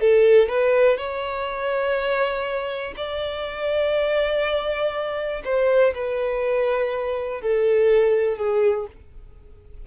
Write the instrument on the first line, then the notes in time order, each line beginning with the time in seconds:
violin
0.00 A4
0.48 B4
0.97 C#5
2.97 D5
5.45 C5
5.95 B4
7.42 A4
8.37 G#4